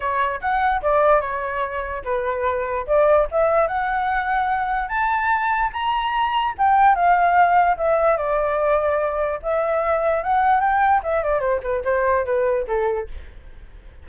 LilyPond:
\new Staff \with { instrumentName = "flute" } { \time 4/4 \tempo 4 = 147 cis''4 fis''4 d''4 cis''4~ | cis''4 b'2 d''4 | e''4 fis''2. | a''2 ais''2 |
g''4 f''2 e''4 | d''2. e''4~ | e''4 fis''4 g''4 e''8 d''8 | c''8 b'8 c''4 b'4 a'4 | }